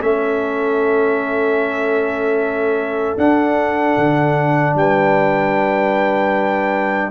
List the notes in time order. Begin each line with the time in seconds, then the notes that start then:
0.00 A3 C#4 A4 E5
3.17 D4 F#5
3.97 D3
4.75 G3 B4 G5